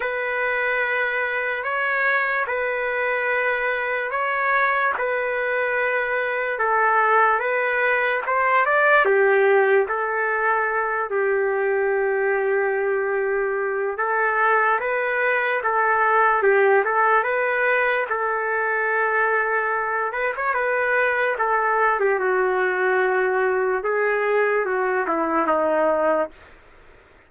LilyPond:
\new Staff \with { instrumentName = "trumpet" } { \time 4/4 \tempo 4 = 73 b'2 cis''4 b'4~ | b'4 cis''4 b'2 | a'4 b'4 c''8 d''8 g'4 | a'4. g'2~ g'8~ |
g'4 a'4 b'4 a'4 | g'8 a'8 b'4 a'2~ | a'8 b'16 cis''16 b'4 a'8. g'16 fis'4~ | fis'4 gis'4 fis'8 e'8 dis'4 | }